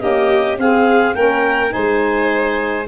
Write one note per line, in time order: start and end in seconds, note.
0.00 0.57 A#3
0.00 0.57 C#4
0.00 0.59 G4
0.00 0.57 D#5
0.57 1.15 C4
0.57 1.16 G#4
0.57 1.15 F5
1.15 1.73 A#3
1.15 1.69 C#4
1.15 1.73 A#4
1.15 1.72 G5
1.69 2.83 D#4
1.69 2.87 C5
1.69 2.86 G#5
1.77 2.87 G#3